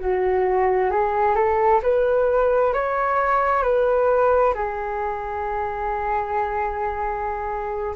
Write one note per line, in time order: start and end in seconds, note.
0.00 0.91 F#4
0.91 1.36 G#4
1.36 1.81 A4
1.83 2.74 B4
2.74 3.63 C#5
3.63 4.54 B4
4.55 7.95 G#4